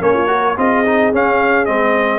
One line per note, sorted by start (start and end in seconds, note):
0.00 0.56 A#3
0.00 0.27 C#4
0.00 0.14 A#4
0.00 0.57 C#5
0.14 0.27 F4
0.27 0.54 F#4
0.27 0.55 A#4
0.57 1.12 C4
0.57 0.84 F4
0.57 2.19 G#4
0.57 1.13 D#5
0.85 1.12 D#4
1.12 1.67 C#4
1.12 1.66 C#4
1.12 1.65 F5
1.65 2.19 G#3
1.65 2.19 C4
1.65 2.19 D#5